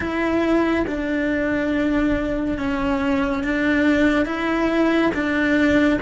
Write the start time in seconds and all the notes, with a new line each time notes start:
0.00 E4
0.86 D4
2.58 C#4
3.43 D4
4.25 E4
5.14 D4